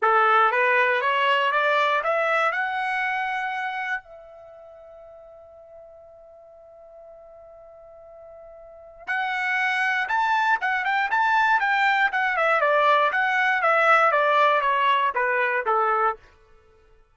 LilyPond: \new Staff \with { instrumentName = "trumpet" } { \time 4/4 \tempo 4 = 119 a'4 b'4 cis''4 d''4 | e''4 fis''2. | e''1~ | e''1~ |
e''2 fis''2 | a''4 fis''8 g''8 a''4 g''4 | fis''8 e''8 d''4 fis''4 e''4 | d''4 cis''4 b'4 a'4 | }